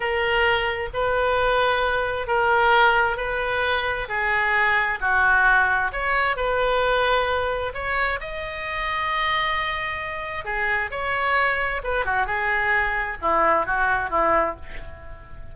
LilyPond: \new Staff \with { instrumentName = "oboe" } { \time 4/4 \tempo 4 = 132 ais'2 b'2~ | b'4 ais'2 b'4~ | b'4 gis'2 fis'4~ | fis'4 cis''4 b'2~ |
b'4 cis''4 dis''2~ | dis''2. gis'4 | cis''2 b'8 fis'8 gis'4~ | gis'4 e'4 fis'4 e'4 | }